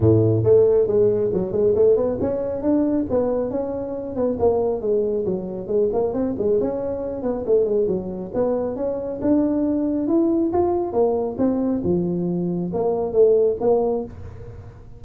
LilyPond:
\new Staff \with { instrumentName = "tuba" } { \time 4/4 \tempo 4 = 137 a,4 a4 gis4 fis8 gis8 | a8 b8 cis'4 d'4 b4 | cis'4. b8 ais4 gis4 | fis4 gis8 ais8 c'8 gis8 cis'4~ |
cis'8 b8 a8 gis8 fis4 b4 | cis'4 d'2 e'4 | f'4 ais4 c'4 f4~ | f4 ais4 a4 ais4 | }